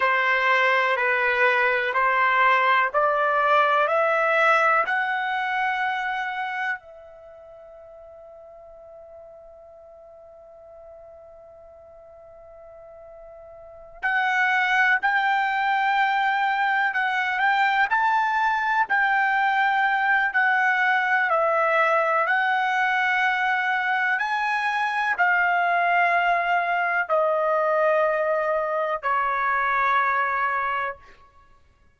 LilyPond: \new Staff \with { instrumentName = "trumpet" } { \time 4/4 \tempo 4 = 62 c''4 b'4 c''4 d''4 | e''4 fis''2 e''4~ | e''1~ | e''2~ e''8 fis''4 g''8~ |
g''4. fis''8 g''8 a''4 g''8~ | g''4 fis''4 e''4 fis''4~ | fis''4 gis''4 f''2 | dis''2 cis''2 | }